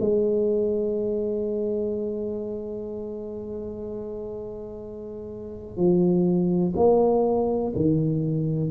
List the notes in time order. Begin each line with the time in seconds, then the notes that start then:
0.00 G#3
5.77 F3
6.76 A#3
7.76 D#3